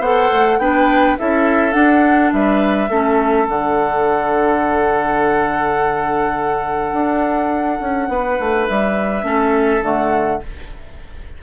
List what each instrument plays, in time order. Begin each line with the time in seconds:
0.00 bassoon B3, clarinet A4, oboe C5, flute F#5
0.33 bassoon A3
0.59 bassoon B3, clarinet D4, oboe B4, flute G5
1.19 bassoon C#4, clarinet E4, oboe A4, flute E5
1.72 clarinet D4, bassoon D4, flute F#5
2.33 bassoon G3, oboe B4, flute E5
2.89 bassoon A3, clarinet C#4, oboe A4
3.48 bassoon D3, clarinet D4, flute F#5
6.93 bassoon D4
7.81 bassoon C#4
8.09 bassoon B3, oboe B4
8.40 bassoon A3
8.68 bassoon G3, flute E5
9.23 bassoon A3, clarinet C#4, oboe A4
9.82 bassoon D3, clarinet A3, flute F#5